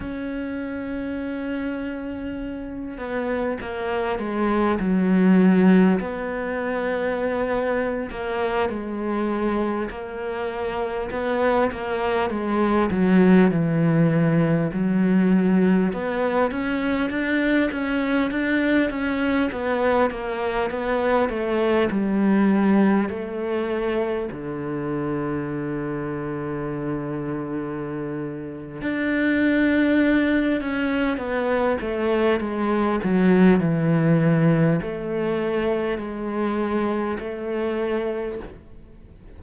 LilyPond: \new Staff \with { instrumentName = "cello" } { \time 4/4 \tempo 4 = 50 cis'2~ cis'8 b8 ais8 gis8 | fis4 b4.~ b16 ais8 gis8.~ | gis16 ais4 b8 ais8 gis8 fis8 e8.~ | e16 fis4 b8 cis'8 d'8 cis'8 d'8 cis'16~ |
cis'16 b8 ais8 b8 a8 g4 a8.~ | a16 d2.~ d8. | d'4. cis'8 b8 a8 gis8 fis8 | e4 a4 gis4 a4 | }